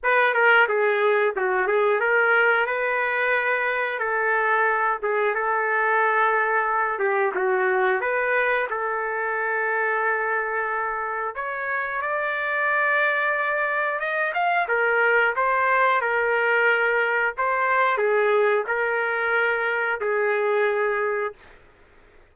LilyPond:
\new Staff \with { instrumentName = "trumpet" } { \time 4/4 \tempo 4 = 90 b'8 ais'8 gis'4 fis'8 gis'8 ais'4 | b'2 a'4. gis'8 | a'2~ a'8 g'8 fis'4 | b'4 a'2.~ |
a'4 cis''4 d''2~ | d''4 dis''8 f''8 ais'4 c''4 | ais'2 c''4 gis'4 | ais'2 gis'2 | }